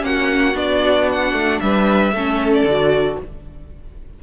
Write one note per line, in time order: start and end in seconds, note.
0.00 0.55 A#3
0.00 0.53 C#4
0.00 1.64 F#4
0.00 0.57 F#5
0.54 1.33 B3
0.54 2.12 D4
0.54 1.10 D5
1.12 1.60 F#5
1.33 1.60 A3
1.60 2.12 G3
1.60 2.14 B4
1.60 2.52 E5
2.12 2.63 A3
2.12 2.70 C#4
2.12 3.20 A4
2.53 3.19 D5
2.63 3.16 D3
2.70 3.23 F#4